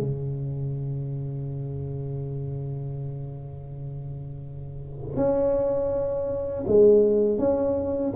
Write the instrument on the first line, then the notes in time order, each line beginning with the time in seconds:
tuba
0.00 C#3
5.16 C#4
6.67 G#3
7.39 C#4